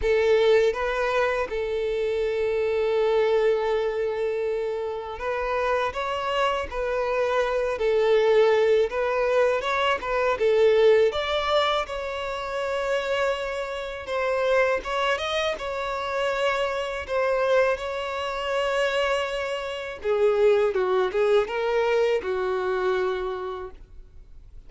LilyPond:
\new Staff \with { instrumentName = "violin" } { \time 4/4 \tempo 4 = 81 a'4 b'4 a'2~ | a'2. b'4 | cis''4 b'4. a'4. | b'4 cis''8 b'8 a'4 d''4 |
cis''2. c''4 | cis''8 dis''8 cis''2 c''4 | cis''2. gis'4 | fis'8 gis'8 ais'4 fis'2 | }